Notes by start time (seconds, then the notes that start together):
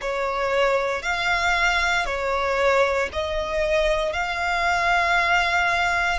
0.00 C#5
1.02 F5
2.05 C#5
3.12 D#5
4.12 F5